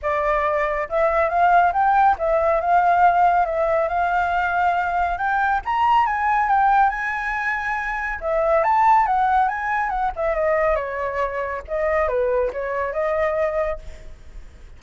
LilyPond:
\new Staff \with { instrumentName = "flute" } { \time 4/4 \tempo 4 = 139 d''2 e''4 f''4 | g''4 e''4 f''2 | e''4 f''2. | g''4 ais''4 gis''4 g''4 |
gis''2. e''4 | a''4 fis''4 gis''4 fis''8 e''8 | dis''4 cis''2 dis''4 | b'4 cis''4 dis''2 | }